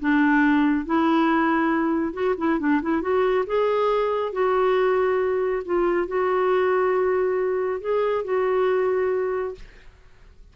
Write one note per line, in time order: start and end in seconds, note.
0.00 0.86 D4
0.86 2.13 E4
2.13 2.35 F#4
2.38 2.59 E4
2.59 2.81 D4
2.82 3.01 E4
3.01 3.45 F#4
3.47 4.32 G#4
4.32 5.63 F#4
5.65 6.08 F4
6.08 7.81 F#4
7.81 8.24 G#4
8.24 9.55 F#4